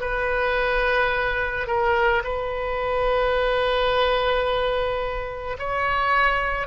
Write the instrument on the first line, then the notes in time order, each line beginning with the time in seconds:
oboe
0.00 B4
1.67 A#4
2.23 B4
5.59 C#5